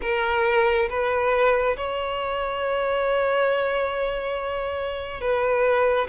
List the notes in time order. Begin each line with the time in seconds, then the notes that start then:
0.01 A#4
0.89 B4
1.76 C#5
5.20 B4